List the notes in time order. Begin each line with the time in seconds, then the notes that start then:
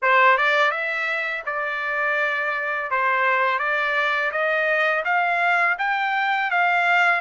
0.02 C5
0.37 D5
0.71 E5
1.46 D5
2.90 C5
3.58 D5
4.31 D#5
5.04 F5
5.78 G5
6.51 F5